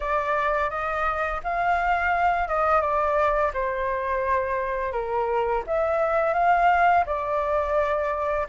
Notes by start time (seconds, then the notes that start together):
0.00 D5
0.70 D#5
1.43 F5
2.47 D#5
2.81 D5
3.53 C5
4.92 A#4
5.66 E5
6.33 F5
7.06 D5